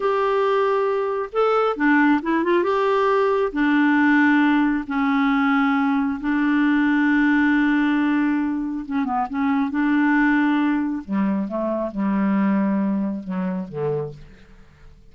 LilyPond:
\new Staff \with { instrumentName = "clarinet" } { \time 4/4 \tempo 4 = 136 g'2. a'4 | d'4 e'8 f'8 g'2 | d'2. cis'4~ | cis'2 d'2~ |
d'1 | cis'8 b8 cis'4 d'2~ | d'4 g4 a4 g4~ | g2 fis4 d4 | }